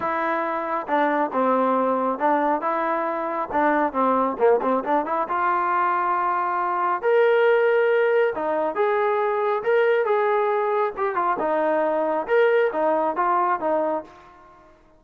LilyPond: \new Staff \with { instrumentName = "trombone" } { \time 4/4 \tempo 4 = 137 e'2 d'4 c'4~ | c'4 d'4 e'2 | d'4 c'4 ais8 c'8 d'8 e'8 | f'1 |
ais'2. dis'4 | gis'2 ais'4 gis'4~ | gis'4 g'8 f'8 dis'2 | ais'4 dis'4 f'4 dis'4 | }